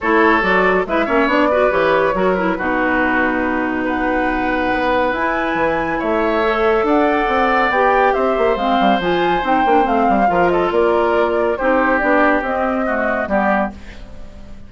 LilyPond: <<
  \new Staff \with { instrumentName = "flute" } { \time 4/4 \tempo 4 = 140 cis''4 d''4 e''4 d''4 | cis''4. b'2~ b'8~ | b'4 fis''2. | gis''2 e''2 |
fis''2 g''4 e''4 | f''4 gis''4 g''4 f''4~ | f''8 dis''8 d''2 c''4 | d''4 dis''2 d''4 | }
  \new Staff \with { instrumentName = "oboe" } { \time 4/4 a'2 b'8 cis''4 b'8~ | b'4 ais'4 fis'2~ | fis'4 b'2.~ | b'2 cis''2 |
d''2. c''4~ | c''1 | ais'8 a'8 ais'2 g'4~ | g'2 fis'4 g'4 | }
  \new Staff \with { instrumentName = "clarinet" } { \time 4/4 e'4 fis'4 e'8 cis'8 d'8 fis'8 | g'4 fis'8 e'8 dis'2~ | dis'1 | e'2. a'4~ |
a'2 g'2 | c'4 f'4 dis'8 d'8 c'4 | f'2. dis'4 | d'4 c'4 a4 b4 | }
  \new Staff \with { instrumentName = "bassoon" } { \time 4/4 a4 fis4 gis8 ais8 b4 | e4 fis4 b,2~ | b,2. b4 | e'4 e4 a2 |
d'4 c'4 b4 c'8 ais8 | gis8 g8 f4 c'8 ais8 a8 g8 | f4 ais2 c'4 | b4 c'2 g4 | }
>>